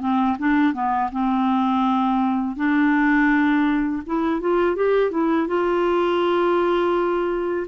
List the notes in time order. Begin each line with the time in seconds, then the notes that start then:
0.00 C4
0.38 D4
0.73 B3
1.11 C4
2.56 D4
4.06 E4
4.40 F4
4.75 G4
5.11 E4
5.47 F4